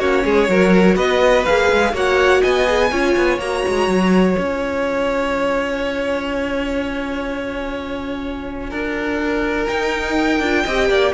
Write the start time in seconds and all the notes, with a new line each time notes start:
0.00 A#3 C#4 F#4 C#5
0.25 G#3 G#4
0.49 F#3 F#4 A#4
0.95 B3 B4 D#5
1.45 A#3 G#4 F5
1.72 G#3
1.93 A#3 F#4 C#5 F#5
2.42 B3 D#5 G#5
2.67 G#4
2.91 C#4 F4 C#5
3.17 B3
3.39 A#3 F#4 A#5
3.68 G#3
3.88 F#3
4.37 C#4 F4 G#5
8.70 D4 A#4
9.68 D#4 G5
10.40 D4 F4
10.65 C4 G4 D#5
10.89 A#3 D5